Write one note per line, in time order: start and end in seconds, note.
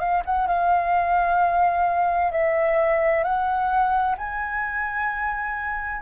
0.00 0.23 F5
0.26 0.47 F#5
0.47 2.32 F5
2.32 3.24 E5
3.24 4.16 F#5
4.18 6.02 G#5